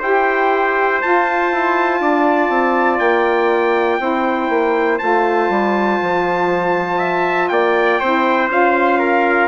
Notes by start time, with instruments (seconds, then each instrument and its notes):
0.00 bassoon E4, saxophone G4, trumpet C5 G5
1.02 saxophone F4, bassoon F4, trumpet A5
1.52 bassoon E4
2.01 bassoon D4, trumpet D5
2.50 bassoon C4
2.99 bassoon A#3, trumpet G5
3.99 bassoon C4, saxophone E4, trumpet C5
4.50 bassoon A#3
4.99 bassoon A3, saxophone F4, trumpet A5
5.50 bassoon G3
6.02 bassoon F3
6.98 trumpet E5
7.49 bassoon A#3, trumpet D5 G5
8.00 bassoon C4, saxophone E4, trumpet C5
8.50 bassoon C#4, saxophone F4, trumpet F5
9.00 trumpet A#4